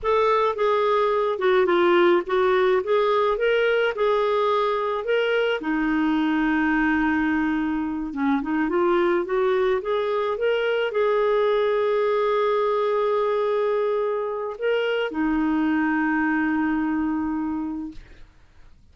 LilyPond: \new Staff \with { instrumentName = "clarinet" } { \time 4/4 \tempo 4 = 107 a'4 gis'4. fis'8 f'4 | fis'4 gis'4 ais'4 gis'4~ | gis'4 ais'4 dis'2~ | dis'2~ dis'8 cis'8 dis'8 f'8~ |
f'8 fis'4 gis'4 ais'4 gis'8~ | gis'1~ | gis'2 ais'4 dis'4~ | dis'1 | }